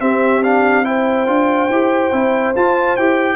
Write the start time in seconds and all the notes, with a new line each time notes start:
0.00 C4 G4 E5
0.43 D4 F5
0.84 E4 C5 G5
1.26 D4 F4
1.69 E4 G4
2.12 C4 E4
2.55 F4 A5
2.96 E4 G4 G5